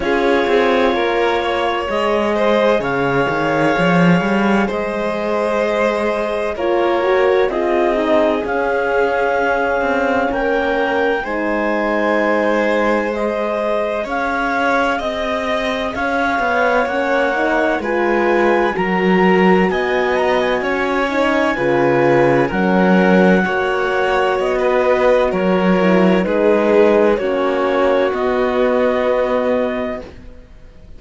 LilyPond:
<<
  \new Staff \with { instrumentName = "clarinet" } { \time 4/4 \tempo 4 = 64 cis''2 dis''4 f''4~ | f''4 dis''2 cis''4 | dis''4 f''2 g''4 | gis''2 dis''4 f''4 |
dis''4 f''4 fis''4 gis''4 | ais''4 gis''8 ais''16 gis''2~ gis''16 | fis''2 dis''4 cis''4 | b'4 cis''4 dis''2 | }
  \new Staff \with { instrumentName = "violin" } { \time 4/4 gis'4 ais'8 cis''4 c''8 cis''4~ | cis''4 c''2 ais'4 | gis'2. ais'4 | c''2. cis''4 |
dis''4 cis''2 b'4 | ais'4 dis''4 cis''4 b'4 | ais'4 cis''4~ cis''16 b'8. ais'4 | gis'4 fis'2. | }
  \new Staff \with { instrumentName = "horn" } { \time 4/4 f'2 gis'2~ | gis'2. f'8 fis'8 | f'8 dis'8 cis'2. | dis'2 gis'2~ |
gis'2 cis'8 dis'8 f'4 | fis'2~ fis'8 dis'8 f'4 | cis'4 fis'2~ fis'8 e'8 | dis'4 cis'4 b2 | }
  \new Staff \with { instrumentName = "cello" } { \time 4/4 cis'8 c'8 ais4 gis4 cis8 dis8 | f8 g8 gis2 ais4 | c'4 cis'4. c'8 ais4 | gis2. cis'4 |
c'4 cis'8 b8 ais4 gis4 | fis4 b4 cis'4 cis4 | fis4 ais4 b4 fis4 | gis4 ais4 b2 | }
>>